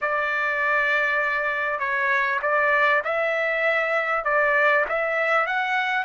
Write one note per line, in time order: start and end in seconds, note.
0.01 1.79 D5
1.79 2.39 C#5
2.42 3.02 D5
3.04 4.24 E5
4.24 4.85 D5
4.88 5.46 E5
5.46 6.04 F#5